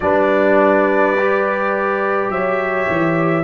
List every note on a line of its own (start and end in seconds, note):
0.00 2.29 G3
0.00 1.16 D4
0.00 2.32 B4
0.00 2.30 D5
1.18 3.43 G4
2.29 2.86 F#3
2.29 3.43 C#5
2.29 3.43 E5
2.89 3.43 E3